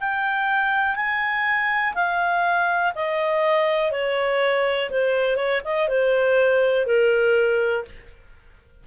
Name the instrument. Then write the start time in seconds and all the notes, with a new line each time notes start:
clarinet
0.00 G5
0.95 G#5
1.94 F5
2.95 D#5
3.91 C#5
4.90 C5
5.36 C#5
5.64 D#5
5.88 C5
6.86 A#4